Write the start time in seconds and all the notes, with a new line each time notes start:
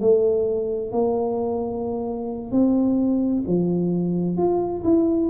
0.00 A3
0.92 A#3
2.51 C4
3.47 F3
4.37 F4
4.84 E4